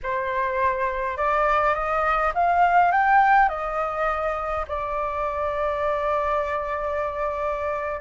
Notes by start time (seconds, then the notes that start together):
0.03 C5
1.17 D5
1.74 D#5
2.34 F5
2.91 G5
3.48 D#5
4.67 D5